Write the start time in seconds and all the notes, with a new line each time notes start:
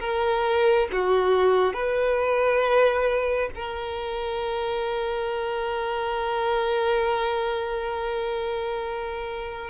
0.00 A#4
0.92 F#4
1.74 B4
3.55 A#4